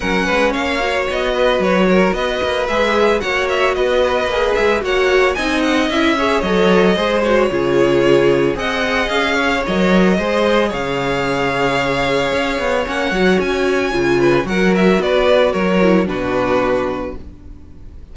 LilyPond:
<<
  \new Staff \with { instrumentName = "violin" } { \time 4/4 \tempo 4 = 112 fis''4 f''4 dis''4 cis''4 | dis''4 e''4 fis''8 e''8 dis''4~ | dis''8 e''8 fis''4 gis''8 fis''8 e''4 | dis''4. cis''2~ cis''8 |
fis''4 f''4 dis''2 | f''1 | fis''4 gis''2 fis''8 e''8 | d''4 cis''4 b'2 | }
  \new Staff \with { instrumentName = "violin" } { \time 4/4 ais'8 b'8 cis''4. b'4 ais'8 | b'2 cis''4 b'4~ | b'4 cis''4 dis''4. cis''8~ | cis''4 c''4 gis'2 |
dis''4. cis''4. c''4 | cis''1~ | cis''2~ cis''8 b'8 ais'4 | b'4 ais'4 fis'2 | }
  \new Staff \with { instrumentName = "viola" } { \time 4/4 cis'4. fis'2~ fis'8~ | fis'4 gis'4 fis'2 | gis'4 fis'4 dis'4 e'8 gis'8 | a'4 gis'8 fis'8 f'2 |
gis'2 ais'4 gis'4~ | gis'1 | cis'8 fis'4. f'4 fis'4~ | fis'4. e'8 d'2 | }
  \new Staff \with { instrumentName = "cello" } { \time 4/4 fis8 gis8 ais4 b4 fis4 | b8 ais8 gis4 ais4 b4 | ais8 gis8 ais4 c'4 cis'4 | fis4 gis4 cis2 |
c'4 cis'4 fis4 gis4 | cis2. cis'8 b8 | ais8 fis8 cis'4 cis4 fis4 | b4 fis4 b,2 | }
>>